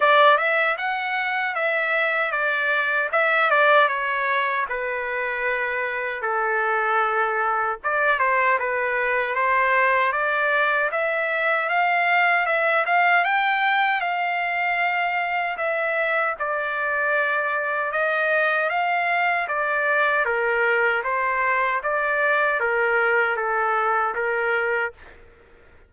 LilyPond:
\new Staff \with { instrumentName = "trumpet" } { \time 4/4 \tempo 4 = 77 d''8 e''8 fis''4 e''4 d''4 | e''8 d''8 cis''4 b'2 | a'2 d''8 c''8 b'4 | c''4 d''4 e''4 f''4 |
e''8 f''8 g''4 f''2 | e''4 d''2 dis''4 | f''4 d''4 ais'4 c''4 | d''4 ais'4 a'4 ais'4 | }